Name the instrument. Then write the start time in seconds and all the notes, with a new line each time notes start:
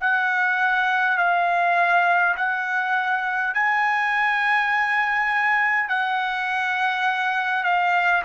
trumpet
0.00 F#5
1.18 F5
2.36 F#5
3.54 G#5
5.89 F#5
7.63 F5